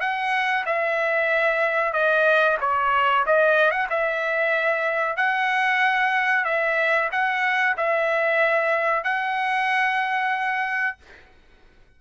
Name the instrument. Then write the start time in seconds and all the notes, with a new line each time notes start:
trumpet
0.00 F#5
0.65 E5
1.93 D#5
2.60 C#5
3.26 D#5
3.71 F#5
3.89 E5
5.16 F#5
6.45 E5
7.11 F#5
7.77 E5
9.04 F#5